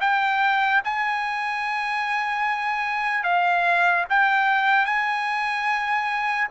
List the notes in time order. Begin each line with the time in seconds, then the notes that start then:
0.00 G5
0.84 G#5
3.23 F5
4.09 G5
4.85 G#5